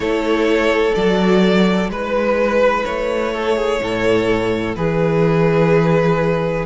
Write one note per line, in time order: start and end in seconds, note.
0.00 0.91 A3
0.00 0.94 E4
0.00 1.91 A4
0.00 0.94 C#5
0.94 1.89 F#3
0.94 1.91 F#4
0.94 1.90 D5
1.89 2.84 G#3
1.89 6.65 E4
1.89 2.85 B4
1.89 3.33 B4
2.85 3.81 A3
2.85 4.75 C#5
3.33 3.56 A4
3.56 3.80 G#4
3.81 4.75 A2
3.81 4.77 A4
4.75 6.65 E3
4.75 6.65 G#4
4.75 6.65 B4